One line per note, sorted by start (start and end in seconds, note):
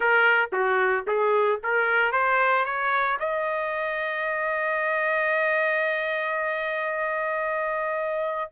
0.00 0.49 A#4
0.52 1.05 F#4
1.07 1.60 G#4
1.63 2.12 A#4
2.12 2.65 C5
2.65 3.18 C#5
3.19 8.50 D#5